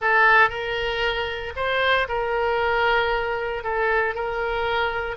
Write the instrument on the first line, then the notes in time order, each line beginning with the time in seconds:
oboe
0.01 A4
0.49 A#4
1.56 C5
2.08 A#4
3.63 A4
4.14 A#4